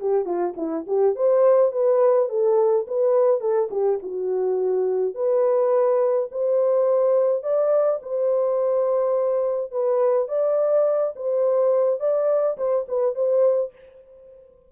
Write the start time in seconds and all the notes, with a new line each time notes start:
0.00 G4
0.26 F4
0.57 E4
0.87 G4
1.16 C5
1.72 B4
2.29 A4
2.88 B4
3.41 A4
3.71 G4
4.03 F#4
5.15 B4
6.31 C5
7.43 D5
8.02 C5
9.72 B4
10.28 D5
11.16 C5
12.00 D5
12.57 C5
12.89 B4
13.15 C5